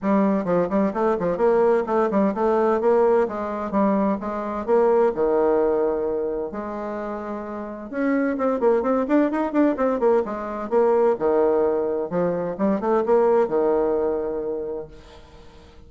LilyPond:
\new Staff \with { instrumentName = "bassoon" } { \time 4/4 \tempo 4 = 129 g4 f8 g8 a8 f8 ais4 | a8 g8 a4 ais4 gis4 | g4 gis4 ais4 dis4~ | dis2 gis2~ |
gis4 cis'4 c'8 ais8 c'8 d'8 | dis'8 d'8 c'8 ais8 gis4 ais4 | dis2 f4 g8 a8 | ais4 dis2. | }